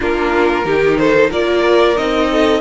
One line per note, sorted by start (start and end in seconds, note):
0.00 0.64 A#3
0.00 0.64 D4
0.00 0.65 F4
0.00 0.97 A#4
0.64 1.30 D#3
0.64 1.31 D#4
0.64 0.98 G4
0.97 1.30 A4
0.97 1.30 C5
1.30 1.97 A#3
1.30 1.96 F4
1.30 2.28 A#4
1.30 1.97 D5
1.96 2.60 C4
1.96 2.60 D#4
1.96 2.60 D#5
2.31 2.60 A4